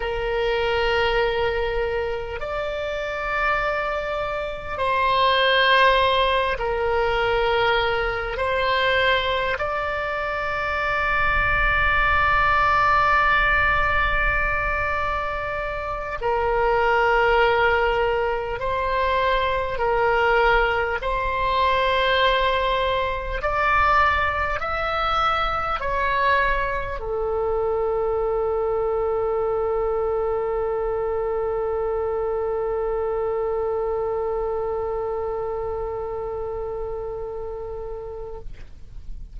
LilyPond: \new Staff \with { instrumentName = "oboe" } { \time 4/4 \tempo 4 = 50 ais'2 d''2 | c''4. ais'4. c''4 | d''1~ | d''4. ais'2 c''8~ |
c''8 ais'4 c''2 d''8~ | d''8 e''4 cis''4 a'4.~ | a'1~ | a'1 | }